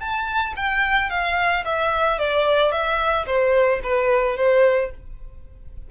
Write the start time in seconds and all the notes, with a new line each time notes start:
0.00 A5
0.56 G5
1.10 F5
1.65 E5
2.19 D5
2.72 E5
3.26 C5
3.84 B4
4.37 C5